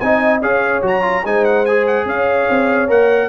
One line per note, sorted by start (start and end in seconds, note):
0.00 0.42 C4
0.00 0.42 D#4
0.00 0.42 D#5
0.00 0.41 G#5
0.42 0.83 C#4
0.42 0.82 G#4
0.42 1.25 C#5
0.42 0.84 F5
0.82 1.24 F#3
0.82 1.02 F#4
0.82 1.26 A#5
1.02 1.23 F4
1.24 2.06 G#3
1.24 1.67 D#4
1.24 2.07 C5
1.24 1.45 G#5
1.45 1.66 F#5
1.66 2.88 G#4
1.66 1.86 G#5
1.87 2.08 F#5
2.06 2.47 C#4
2.06 3.29 C#5
2.06 2.90 F5
2.50 2.90 C4
2.88 3.29 A#3
2.88 3.29 A#4
2.88 3.29 F#5